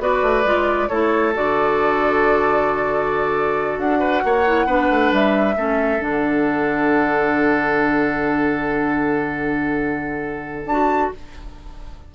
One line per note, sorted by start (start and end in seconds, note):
0.00 0.22 B3
0.00 0.44 F#4
0.00 0.89 B4
0.00 0.88 D5
0.22 0.44 A3
0.44 0.89 G#3
0.44 0.90 F4
0.88 1.35 A3
0.88 1.34 E4
0.88 4.00 A4
0.88 1.33 C#5
1.34 3.78 D3
1.34 4.45 F#4
1.34 3.79 D5
3.78 4.23 D4
3.78 5.12 F#5
4.00 4.22 B4
4.24 4.66 A#3
4.24 4.66 C#5
4.46 4.68 E4
4.66 4.89 B3
4.66 5.56 D4
4.66 5.55 B4
4.90 5.12 A3
5.12 5.56 G3
5.12 6.03 E5
5.56 6.00 A3
5.56 5.99 C#4
5.56 11.13 A4
5.99 10.66 D3
5.99 10.65 D4
5.99 10.67 F#5
10.66 11.10 D4
10.66 11.15 F#4
10.66 11.12 A5